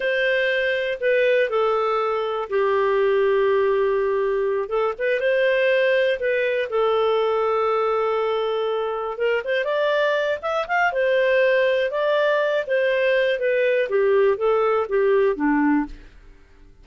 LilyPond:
\new Staff \with { instrumentName = "clarinet" } { \time 4/4 \tempo 4 = 121 c''2 b'4 a'4~ | a'4 g'2.~ | g'4. a'8 b'8 c''4.~ | c''8 b'4 a'2~ a'8~ |
a'2~ a'8 ais'8 c''8 d''8~ | d''4 e''8 f''8 c''2 | d''4. c''4. b'4 | g'4 a'4 g'4 d'4 | }